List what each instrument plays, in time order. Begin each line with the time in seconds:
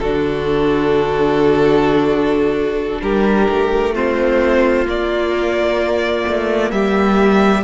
0.00 cello D3, viola D4, violin F#4 A4
3.02 cello G3, violin G4 A#4
3.50 cello A3
3.95 viola C4, violin F4 C5
4.86 viola A#3, cello A#3, violin D5
6.28 cello A3
6.72 cello G3, violin G4 E5